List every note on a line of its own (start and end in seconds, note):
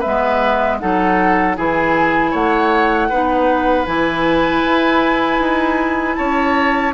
0.00 0.83 G#3
0.00 0.80 B3
0.00 0.77 B4
0.00 0.79 E5
0.79 1.58 F#3
0.79 1.57 D#4
0.79 1.57 A4
0.79 1.56 F#5
1.57 2.34 E3
1.57 3.11 E4
1.57 2.31 G#4
1.57 2.34 G#5
2.31 3.11 A3
2.31 3.08 C#5
2.31 3.87 F#5
3.09 3.87 B3
3.09 3.86 D#4
3.09 6.17 B4
3.86 4.64 E3
3.86 6.94 E4
3.86 6.16 G#5
4.64 5.39 E4
5.39 6.16 D#4
6.16 6.94 C#4
6.16 6.94 C#5
6.16 6.92 A5